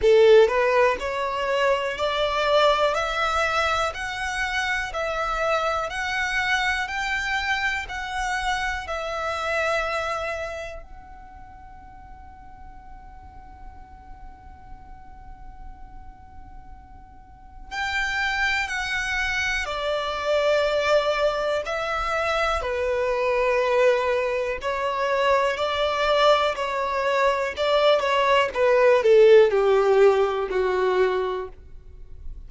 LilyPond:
\new Staff \with { instrumentName = "violin" } { \time 4/4 \tempo 4 = 61 a'8 b'8 cis''4 d''4 e''4 | fis''4 e''4 fis''4 g''4 | fis''4 e''2 fis''4~ | fis''1~ |
fis''2 g''4 fis''4 | d''2 e''4 b'4~ | b'4 cis''4 d''4 cis''4 | d''8 cis''8 b'8 a'8 g'4 fis'4 | }